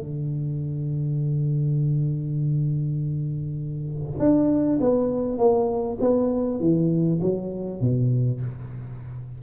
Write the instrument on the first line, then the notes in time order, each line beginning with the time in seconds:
tuba
0.00 D3
4.19 D4
4.80 B3
5.38 A#3
6.00 B3
6.60 E3
7.21 F#3
7.81 B2